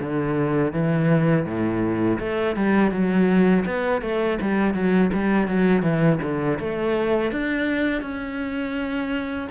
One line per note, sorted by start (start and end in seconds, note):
0.00 0.73 D3
0.73 1.46 E3
1.46 2.19 A2
2.20 2.56 A3
2.56 2.91 G3
2.91 3.65 F#3
3.66 4.02 B3
4.02 4.39 A3
4.42 4.74 G3
4.74 5.11 F#3
5.14 5.48 G3
5.48 5.83 F#3
5.83 6.19 E3
6.23 6.59 D3
6.60 7.32 A3
7.32 8.02 D4
8.02 9.48 C#4